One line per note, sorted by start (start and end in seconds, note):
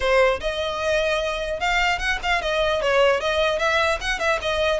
0.00 0.39 C5
0.40 1.60 D#5
1.60 1.98 F5
1.98 2.18 F#5
2.23 2.41 F5
2.41 2.81 D#5
2.81 3.20 C#5
3.20 3.59 D#5
3.59 3.99 E5
4.01 4.19 F#5
4.19 4.39 E5
4.41 4.80 D#5